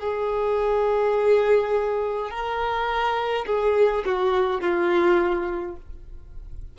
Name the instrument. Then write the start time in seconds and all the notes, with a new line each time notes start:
violin
0.00 G#4
2.31 A#4
3.46 G#4
4.05 F#4
4.61 F4